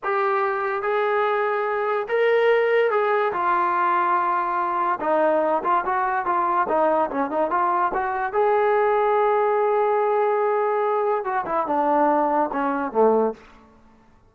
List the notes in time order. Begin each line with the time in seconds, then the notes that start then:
0.03 G4
0.82 G#4
2.08 A#4
2.90 G#4
3.32 F4
5.00 D#4
5.63 F4
5.85 F#4
6.25 F4
6.68 D#4
7.10 C#4
7.30 D#4
7.50 F4
7.94 F#4
8.32 G#4
11.24 F#4
11.45 E4
11.66 D4
12.52 C#4
12.92 A3